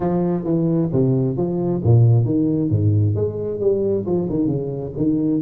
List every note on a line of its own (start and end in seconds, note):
0.00 0.44 F3
0.44 0.89 E3
0.92 1.36 C3
1.36 1.81 F3
1.83 2.25 A#2
2.25 2.70 D#3
2.70 3.15 G#2
3.15 3.60 G#3
3.60 4.05 G3
4.06 4.28 F3
4.29 4.47 D#3
4.47 4.92 C#3
4.96 5.41 D#3